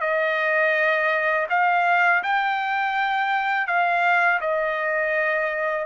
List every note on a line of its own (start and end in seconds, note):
0.00 1.46 D#5
1.49 2.23 F5
2.23 3.67 G5
3.67 4.40 F5
4.40 5.86 D#5